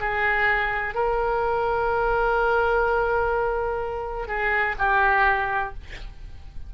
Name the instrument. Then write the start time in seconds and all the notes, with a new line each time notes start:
oboe
0.00 G#4
0.94 A#4
4.28 G#4
4.78 G4